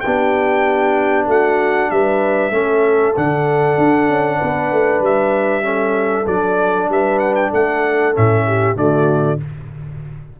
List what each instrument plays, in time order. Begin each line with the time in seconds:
0.00 tuba B3, trombone D4, horn G4, trumpet G5
1.26 tuba A3, horn F#4, trumpet F#5
1.90 tuba G3, horn B4, trumpet E5
2.51 tuba A3, trombone C#4, horn A4
3.16 tuba D3, trombone D4, trumpet F#5
3.77 tuba D4
4.09 tuba C#4
4.38 tuba B3, horn B4
4.72 tuba A3
5.00 tuba G3, trumpet E5
5.62 trombone C#4, horn A4
6.26 tuba F#3, trombone D4, trumpet D5
6.89 tuba G3, horn B4, trumpet E5
7.19 trumpet F#5
7.35 trumpet G5
7.50 tuba A3, horn A4, trumpet F#5
8.13 tuba A2, trombone C#4, trumpet E5
8.46 horn G4
8.75 tuba D3, trombone A3, horn F#4, trumpet D5